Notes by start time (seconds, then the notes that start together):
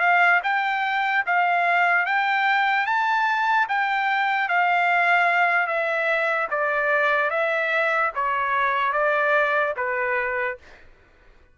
0.00 F5
0.43 G5
1.26 F5
2.06 G5
2.86 A5
3.69 G5
4.49 F5
5.67 E5
6.51 D5
7.30 E5
8.15 C#5
8.93 D5
9.77 B4